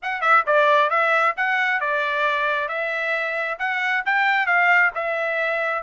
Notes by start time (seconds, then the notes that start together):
0.02 F#5
0.21 E5
0.46 D5
0.90 E5
1.37 F#5
1.80 D5
2.68 E5
3.58 F#5
4.05 G5
4.46 F5
4.94 E5